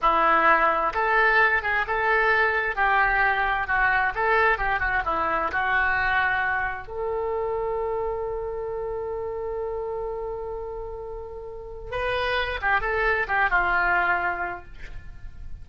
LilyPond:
\new Staff \with { instrumentName = "oboe" } { \time 4/4 \tempo 4 = 131 e'2 a'4. gis'8 | a'2 g'2 | fis'4 a'4 g'8 fis'8 e'4 | fis'2. a'4~ |
a'1~ | a'1~ | a'2 b'4. g'8 | a'4 g'8 f'2~ f'8 | }